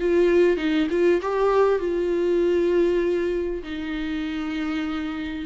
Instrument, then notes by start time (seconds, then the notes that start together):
viola
0.00 F4
0.57 D#4
0.90 F4
1.22 G4
1.79 F4
3.63 D#4